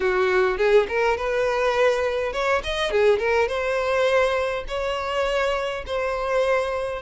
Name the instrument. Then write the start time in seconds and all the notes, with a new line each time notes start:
violin
0.00 F#4
0.57 G#4
0.88 A#4
1.17 B4
2.32 C#5
2.63 D#5
2.90 G#4
3.19 A#4
3.48 C5
4.68 C#5
5.86 C5